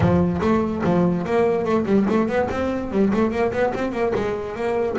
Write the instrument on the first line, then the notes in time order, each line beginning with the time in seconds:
double bass
0.00 F3
0.41 A3
0.84 F3
1.25 A#3
1.64 A3
1.85 G3
2.09 A3
2.28 B3
2.51 C4
2.91 G3
3.13 A3
3.31 A#3
3.52 B3
3.74 C4
3.92 A#3
4.15 G#3
4.55 A#3